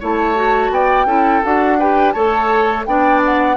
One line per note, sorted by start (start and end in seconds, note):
0.00 0.70 A3
0.00 0.36 E4
0.00 0.71 C#5
0.00 0.73 A5
0.36 1.07 F#4
0.70 1.06 B3
0.70 1.06 D5
0.70 1.45 G5
1.06 1.42 C#4
1.06 1.43 E4
1.06 1.78 A4
1.44 2.15 D4
1.44 1.80 F#4
1.44 1.80 F#5
1.79 2.15 G4
1.79 2.14 B4
1.79 2.12 G5
2.12 2.86 A3
2.12 2.87 A4
2.12 2.85 C#5
2.12 2.84 A5
2.86 3.57 B3
2.86 3.57 D4
2.86 3.57 D5
2.86 3.22 G5
3.26 3.57 F#5